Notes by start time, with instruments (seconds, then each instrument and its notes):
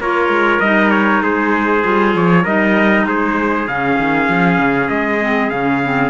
0.00 cello A#3, clarinet F4, trumpet A#4 C#5
0.28 cello G#3
0.60 cello G3, clarinet D#4, trumpet D#5
0.90 trumpet C#5
1.23 cello G#3, trumpet G#4 C5
1.83 cello G3, clarinet F4
2.15 cello F3, trumpet C#5
2.43 cello G3, clarinet D#4, trumpet A#4 D#5
3.05 cello G#3, trumpet G#4 C5
3.67 cello C#3, clarinet C#4, trumpet F5
3.98 cello D#3
4.29 cello F3
4.58 cello C#3
4.89 cello G#3, trumpet D#5
5.21 clarinet C4
5.50 cello C#3, clarinet C#4, trumpet F5
5.83 clarinet C4